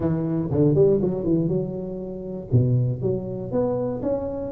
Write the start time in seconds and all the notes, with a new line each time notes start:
0.00 E3
0.51 D3
0.75 G3
1.01 F#3
1.24 E3
1.48 F#3
2.51 B2
3.01 F#3
3.51 B3
4.02 C#4